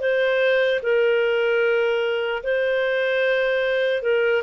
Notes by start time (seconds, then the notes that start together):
0.00 C5
0.83 A#4
2.43 C5
4.02 A#4